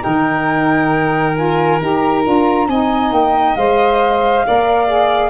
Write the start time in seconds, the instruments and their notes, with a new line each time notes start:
0.00 tuba D#3, saxophone D#4, violin A#4, flute G5
1.35 saxophone F4, flute G#5
1.81 tuba D#4, saxophone G4, flute A#5
2.24 tuba D4, saxophone F4
2.68 tuba C4, saxophone D#4, violin D#5, flute G#5
3.11 tuba A#3, flute G5
3.56 tuba G#3, saxophone C5, flute F5
4.47 tuba A#3, saxophone A#4, violin D5
4.87 saxophone G#4